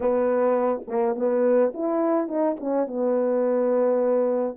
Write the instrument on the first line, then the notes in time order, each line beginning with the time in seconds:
horn
0.00 B3
0.87 A#3
1.15 B3
1.74 E4
2.28 D#4
2.59 C#4
2.86 B3